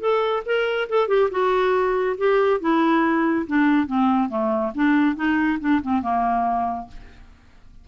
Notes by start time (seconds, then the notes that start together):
0.00 A4
0.45 A#4
0.89 A4
1.08 G4
1.31 F#4
2.18 G4
2.60 E4
3.47 D4
3.87 C4
4.29 A3
4.75 D4
5.16 D#4
5.60 D4
5.82 C4
6.02 A#3